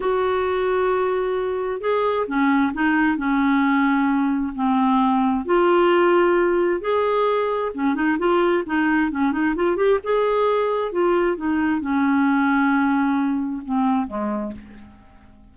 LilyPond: \new Staff \with { instrumentName = "clarinet" } { \time 4/4 \tempo 4 = 132 fis'1 | gis'4 cis'4 dis'4 cis'4~ | cis'2 c'2 | f'2. gis'4~ |
gis'4 cis'8 dis'8 f'4 dis'4 | cis'8 dis'8 f'8 g'8 gis'2 | f'4 dis'4 cis'2~ | cis'2 c'4 gis4 | }